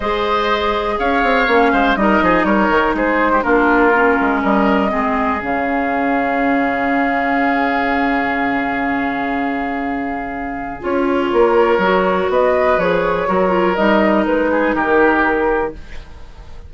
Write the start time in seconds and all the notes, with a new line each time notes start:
0.00 G#3 G#4 C5 D#5
0.99 C#4 C#5 F5
1.23 C4
1.47 A#3 C#4
1.72 G#3 C5
1.95 G3 D#4 A#4 D#5
2.21 F3 G#4
2.44 G3 A#4 C#5
2.69 D#3
2.94 G#3 G#4 C5
3.32 G4
3.42 A#3 D4 F4 A#4
3.94 C#4
4.20 G#3
4.41 G3 A#4 D#5
4.89 G#3 C4 G#4
5.40 C#3 C#4 F5
10.80 C#4 F4 C#5
11.32 A#3 A#4
11.77 F#3 F#4
12.29 B3 B4 D#5
12.77 F3 G#4 C#5
13.27 F#3 F#4 A#4
13.49 F4
13.75 G3 D#4 D#5
14.26 G#3 B4
14.51 G#4
14.74 D#3 G4 A#4